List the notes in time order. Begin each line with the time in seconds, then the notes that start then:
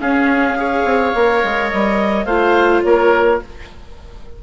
0.00 C#4 G#4 F5
0.57 G#4 C#5
0.85 C4
1.15 A#3 A#4
1.44 G#3
1.70 G3 D#5
2.25 A3 F4 C5 F5
2.83 A#3 A#4 C#5